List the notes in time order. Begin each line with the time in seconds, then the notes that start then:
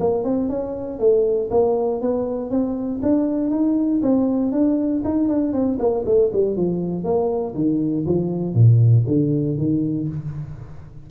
0.00 A#3
0.24 C4
0.49 C#4
0.99 A3
1.51 A#3
2.01 B3
2.50 C4
3.02 D4
3.50 D#4
4.02 C4
4.52 D4
5.04 D#4
5.28 D4
5.53 C4
5.79 A#3
6.05 A3
6.33 G3
6.56 F3
7.04 A#3
7.54 D#3
8.06 F3
8.54 A#2
9.07 D3
9.58 D#3